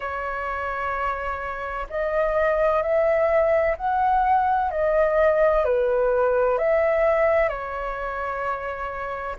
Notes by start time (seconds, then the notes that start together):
0.00 C#5
1.89 D#5
2.82 E5
3.77 F#5
4.70 D#5
5.64 B4
6.58 E5
7.48 C#5